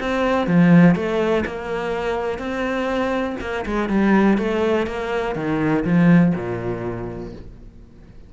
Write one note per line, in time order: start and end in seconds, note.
0.00 0.47 C4
0.47 0.96 F3
0.96 1.44 A3
1.46 2.39 A#3
2.39 3.36 C4
3.41 3.65 A#3
3.66 3.89 G#3
3.89 4.38 G3
4.38 4.86 A3
4.87 5.35 A#3
5.35 5.84 D#3
5.84 6.33 F3
6.35 7.33 A#2